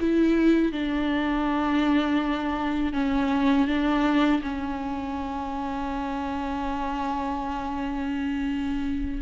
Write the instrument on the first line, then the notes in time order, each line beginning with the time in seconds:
viola
0.00 E4
0.72 D4
2.93 C#4
3.68 D4
4.42 C#4